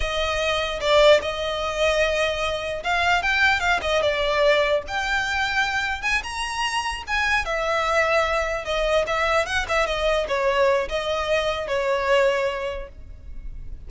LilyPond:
\new Staff \with { instrumentName = "violin" } { \time 4/4 \tempo 4 = 149 dis''2 d''4 dis''4~ | dis''2. f''4 | g''4 f''8 dis''8 d''2 | g''2. gis''8 ais''8~ |
ais''4. gis''4 e''4.~ | e''4. dis''4 e''4 fis''8 | e''8 dis''4 cis''4. dis''4~ | dis''4 cis''2. | }